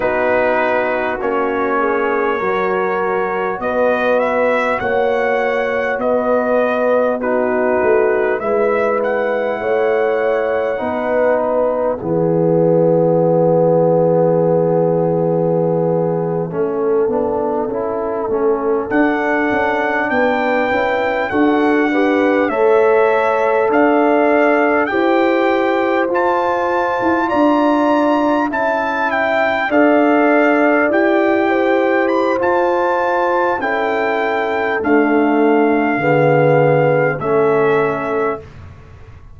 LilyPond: <<
  \new Staff \with { instrumentName = "trumpet" } { \time 4/4 \tempo 4 = 50 b'4 cis''2 dis''8 e''8 | fis''4 dis''4 b'4 e''8 fis''8~ | fis''4. e''2~ e''8~ | e''2.~ e''8. fis''16~ |
fis''8. g''4 fis''4 e''4 f''16~ | f''8. g''4 a''4 ais''4 a''16~ | a''16 g''8 f''4 g''4 b''16 a''4 | g''4 f''2 e''4 | }
  \new Staff \with { instrumentName = "horn" } { \time 4/4 fis'4. gis'8 ais'4 b'4 | cis''4 b'4 fis'4 b'4 | cis''4 b'4 gis'2~ | gis'4.~ gis'16 a'2~ a'16~ |
a'8. b'4 a'8 b'8 cis''4 d''16~ | d''8. c''2 d''4 e''16~ | e''8. d''4. c''4.~ c''16 | a'2 gis'4 a'4 | }
  \new Staff \with { instrumentName = "trombone" } { \time 4/4 dis'4 cis'4 fis'2~ | fis'2 dis'4 e'4~ | e'4 dis'4 b2~ | b4.~ b16 cis'8 d'8 e'8 cis'8 d'16~ |
d'4~ d'16 e'8 fis'8 g'8 a'4~ a'16~ | a'8. g'4 f'2 e'16~ | e'8. a'4 g'4~ g'16 f'4 | e'4 a4 b4 cis'4 | }
  \new Staff \with { instrumentName = "tuba" } { \time 4/4 b4 ais4 fis4 b4 | ais4 b4. a8 gis4 | a4 b4 e2~ | e4.~ e16 a8 b8 cis'8 a8 d'16~ |
d'16 cis'8 b8 cis'8 d'4 a4 d'16~ | d'8. e'4 f'8. e'16 d'4 cis'16~ | cis'8. d'4 e'4~ e'16 f'4 | cis'4 d'4 d4 a4 | }
>>